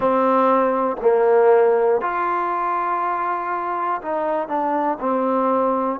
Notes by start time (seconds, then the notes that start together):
0.00 C4
1.00 A#3
2.01 F4
4.01 D#4
4.48 D4
5.00 C4